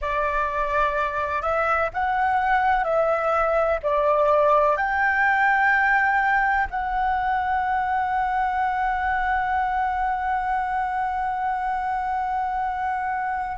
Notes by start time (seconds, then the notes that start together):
0.01 D5
1.42 E5
1.93 F#5
2.84 E5
3.82 D5
4.76 G5
6.70 F#5